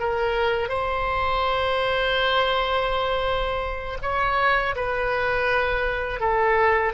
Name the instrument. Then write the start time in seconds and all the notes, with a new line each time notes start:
oboe
0.00 A#4
0.69 C5
4.02 C#5
4.76 B4
6.20 A4